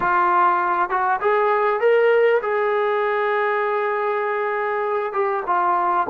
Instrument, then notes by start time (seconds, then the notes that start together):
trombone
0.00 F4
0.89 F#4
1.21 G#4
1.80 A#4
2.42 G#4
5.12 G4
5.46 F4